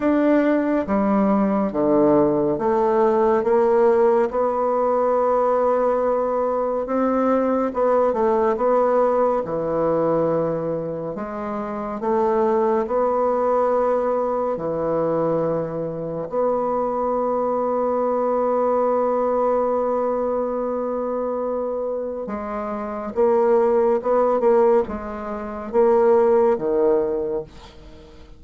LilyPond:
\new Staff \with { instrumentName = "bassoon" } { \time 4/4 \tempo 4 = 70 d'4 g4 d4 a4 | ais4 b2. | c'4 b8 a8 b4 e4~ | e4 gis4 a4 b4~ |
b4 e2 b4~ | b1~ | b2 gis4 ais4 | b8 ais8 gis4 ais4 dis4 | }